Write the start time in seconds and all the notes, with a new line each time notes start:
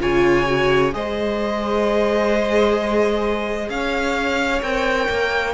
0.00 C#3 F4 C#5 G#5
0.46 F#4
0.92 G#3 G#4 C5 D#5
3.69 C#4 C#5 F5
4.62 C4 A#4 G5
5.09 A#3